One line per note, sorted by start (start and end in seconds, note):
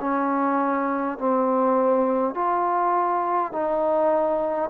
0.00 1.18 C#4
1.18 2.35 C4
2.35 3.52 F4
3.52 4.70 D#4